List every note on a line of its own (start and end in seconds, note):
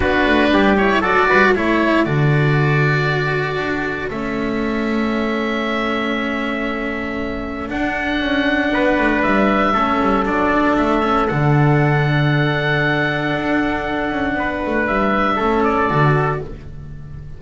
0.00 0.25 B3
0.00 0.77 D4
0.00 0.49 F#4
0.00 0.76 B4
0.25 0.51 A3
0.51 1.01 G3
0.51 1.00 G4
0.76 1.03 E4
0.76 1.02 C#5
1.00 1.26 F#3
1.00 1.54 F#4
1.00 1.26 A4
1.00 1.54 D5
1.29 1.55 G3
1.29 1.51 B4
1.51 2.06 A3
1.51 2.05 E4
1.51 8.69 A4
1.51 2.04 C#5
2.04 3.57 D3
2.04 4.10 F#4
2.04 4.09 D5
3.57 4.08 D4
4.10 7.69 A3
4.10 7.69 C#4
4.10 7.69 E5
7.69 9.74 D4
7.69 8.19 D4
7.69 9.22 F#5
8.19 8.71 C#4
8.71 8.97 B3
8.71 9.73 B4
8.97 9.23 A3
9.22 9.74 G3
9.22 10.25 E5
9.73 9.99 A3
9.73 10.25 C#4
9.73 14.35 A4
10.01 10.26 G3
10.25 10.77 F#3
10.25 11.02 D4
10.25 10.76 D5
10.76 11.29 A3
10.76 11.27 E5
11.02 11.28 C#4
11.27 13.34 D3
11.27 15.39 D4
11.27 14.86 F#5
13.34 14.11 D4
14.11 14.34 C#4
14.34 14.60 B3
14.34 15.36 B4
14.66 14.88 A3
14.86 15.39 G3
14.86 15.63 E5
15.36 15.90 A3
15.36 15.89 C#4
15.36 16.38 A4
15.63 16.40 D5
15.89 16.41 D3
15.89 16.41 F#4